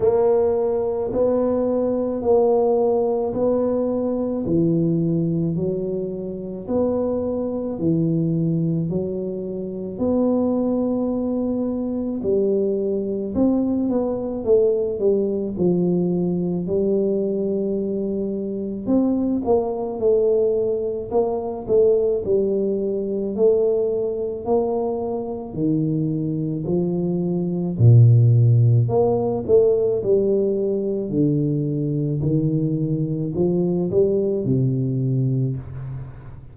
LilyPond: \new Staff \with { instrumentName = "tuba" } { \time 4/4 \tempo 4 = 54 ais4 b4 ais4 b4 | e4 fis4 b4 e4 | fis4 b2 g4 | c'8 b8 a8 g8 f4 g4~ |
g4 c'8 ais8 a4 ais8 a8 | g4 a4 ais4 dis4 | f4 ais,4 ais8 a8 g4 | d4 dis4 f8 g8 c4 | }